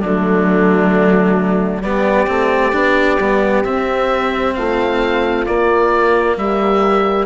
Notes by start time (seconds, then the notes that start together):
0.00 D3 F#3 A3 D4
1.80 G3 B3 G4 D5
2.27 A3 C4
2.72 B3 D4
3.19 G3 B3
3.63 C4 E5
4.54 A3 F4 F5
5.46 A#3 D5
6.36 G3 G4 E5